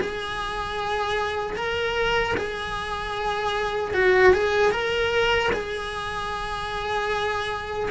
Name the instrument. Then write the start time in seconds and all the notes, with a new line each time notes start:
cello
0.00 G#4
1.56 A#4
2.37 G#4
3.93 F#4
4.33 G#4
4.71 A#4
5.52 G#4